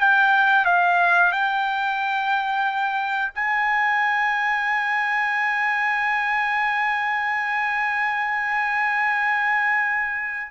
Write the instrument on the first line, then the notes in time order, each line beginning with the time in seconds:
trumpet
0.00 G5
0.65 F5
1.32 G5
3.35 G#5